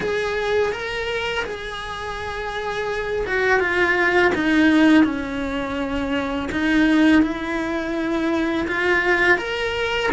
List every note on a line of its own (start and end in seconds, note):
0.00 0.72 G#4
0.72 1.44 A#4
1.45 3.25 G#4
3.26 3.59 F#4
3.59 4.32 F4
4.34 5.04 D#4
5.04 6.48 C#4
6.51 7.22 D#4
7.22 8.66 E4
8.67 9.37 F4
9.37 10.10 A#4